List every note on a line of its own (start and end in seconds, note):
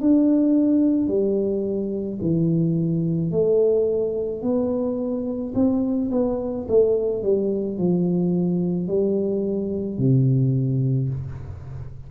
0.00 1.07 D4
1.07 2.18 G3
2.21 3.31 E3
3.31 4.41 A3
4.41 5.53 B3
5.55 6.10 C4
6.11 6.67 B3
6.68 7.22 A3
7.22 7.78 G3
7.78 8.87 F3
8.87 9.98 G3
9.98 11.09 C3